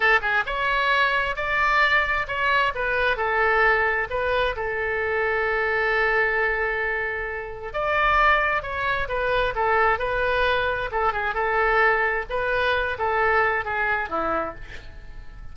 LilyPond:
\new Staff \with { instrumentName = "oboe" } { \time 4/4 \tempo 4 = 132 a'8 gis'8 cis''2 d''4~ | d''4 cis''4 b'4 a'4~ | a'4 b'4 a'2~ | a'1~ |
a'4 d''2 cis''4 | b'4 a'4 b'2 | a'8 gis'8 a'2 b'4~ | b'8 a'4. gis'4 e'4 | }